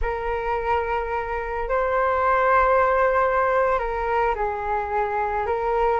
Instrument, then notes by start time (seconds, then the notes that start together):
flute
0.01 A#4
1.68 C5
3.79 A#4
4.35 G#4
5.46 A#4